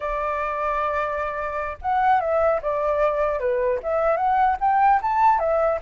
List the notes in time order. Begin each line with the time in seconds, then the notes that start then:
0.00 D5
1.81 F#5
2.20 E5
2.61 D5
3.39 B4
3.82 E5
4.16 F#5
4.60 G5
5.02 A5
5.39 E5